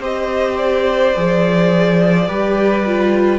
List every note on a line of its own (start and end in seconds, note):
0.00 1.13 C4
0.00 1.15 G4
0.00 2.28 C5
0.00 0.58 D#5
0.58 3.40 D5
1.16 2.29 F3
1.16 2.28 G#4
2.28 3.40 G3
2.28 2.84 G4
2.28 3.40 B4
2.86 3.40 F4